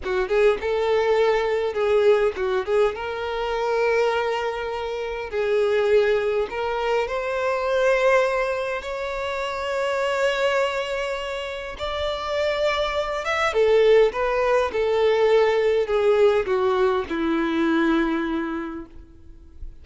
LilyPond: \new Staff \with { instrumentName = "violin" } { \time 4/4 \tempo 4 = 102 fis'8 gis'8 a'2 gis'4 | fis'8 gis'8 ais'2.~ | ais'4 gis'2 ais'4 | c''2. cis''4~ |
cis''1 | d''2~ d''8 e''8 a'4 | b'4 a'2 gis'4 | fis'4 e'2. | }